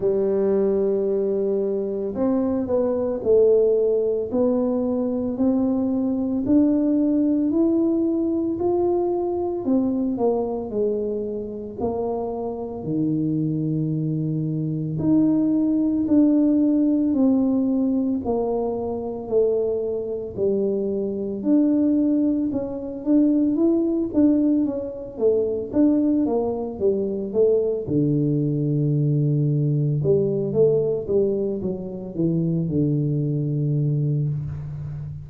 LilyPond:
\new Staff \with { instrumentName = "tuba" } { \time 4/4 \tempo 4 = 56 g2 c'8 b8 a4 | b4 c'4 d'4 e'4 | f'4 c'8 ais8 gis4 ais4 | dis2 dis'4 d'4 |
c'4 ais4 a4 g4 | d'4 cis'8 d'8 e'8 d'8 cis'8 a8 | d'8 ais8 g8 a8 d2 | g8 a8 g8 fis8 e8 d4. | }